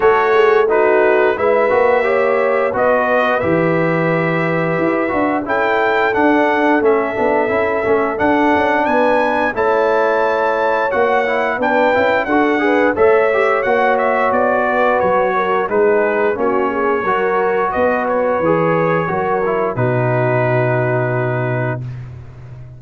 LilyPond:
<<
  \new Staff \with { instrumentName = "trumpet" } { \time 4/4 \tempo 4 = 88 cis''4 b'4 e''2 | dis''4 e''2. | g''4 fis''4 e''2 | fis''4 gis''4 a''2 |
fis''4 g''4 fis''4 e''4 | fis''8 e''8 d''4 cis''4 b'4 | cis''2 dis''8 cis''4.~ | cis''4 b'2. | }
  \new Staff \with { instrumentName = "horn" } { \time 4/4 a'8 gis'8 fis'4 b'4 cis''4 | b'1 | a'1~ | a'4 b'4 cis''2~ |
cis''4 b'4 a'8 b'8 cis''4~ | cis''4. b'4 ais'8 gis'4 | fis'8 gis'8 ais'4 b'2 | ais'4 fis'2. | }
  \new Staff \with { instrumentName = "trombone" } { \time 4/4 fis'4 dis'4 e'8 fis'8 g'4 | fis'4 g'2~ g'8 fis'8 | e'4 d'4 cis'8 d'8 e'8 cis'8 | d'2 e'2 |
fis'8 e'8 d'8 e'8 fis'8 gis'8 a'8 g'8 | fis'2. dis'4 | cis'4 fis'2 gis'4 | fis'8 e'8 dis'2. | }
  \new Staff \with { instrumentName = "tuba" } { \time 4/4 a2 gis8 ais4. | b4 e2 e'8 d'8 | cis'4 d'4 a8 b8 cis'8 a8 | d'8 cis'8 b4 a2 |
ais4 b8 cis'8 d'4 a4 | ais4 b4 fis4 gis4 | ais4 fis4 b4 e4 | fis4 b,2. | }
>>